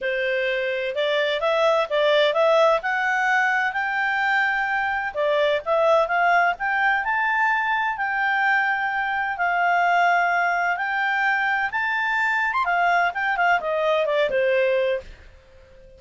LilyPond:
\new Staff \with { instrumentName = "clarinet" } { \time 4/4 \tempo 4 = 128 c''2 d''4 e''4 | d''4 e''4 fis''2 | g''2. d''4 | e''4 f''4 g''4 a''4~ |
a''4 g''2. | f''2. g''4~ | g''4 a''4.~ a''16 c'''16 f''4 | g''8 f''8 dis''4 d''8 c''4. | }